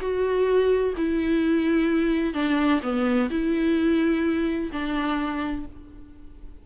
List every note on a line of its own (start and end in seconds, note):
0.00 0.94 F#4
0.97 2.34 E4
2.34 2.81 D4
2.83 3.29 B3
3.30 4.70 E4
4.72 5.66 D4